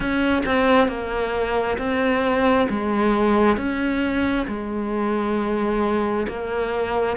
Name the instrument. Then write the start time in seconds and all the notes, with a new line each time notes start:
cello
0.00 C#4
0.45 C4
0.88 A#3
1.77 C4
2.69 G#3
3.56 C#4
4.47 G#3
6.28 A#3